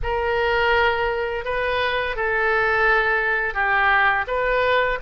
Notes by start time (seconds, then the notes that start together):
0.02 A#4
1.44 B4
2.16 A4
3.54 G4
4.27 B4